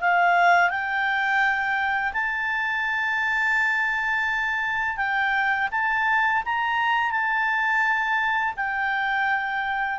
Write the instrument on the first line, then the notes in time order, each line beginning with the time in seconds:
clarinet
0.00 F5
0.70 G5
2.13 A5
4.96 G5
5.71 A5
6.45 A#5
7.11 A5
8.56 G5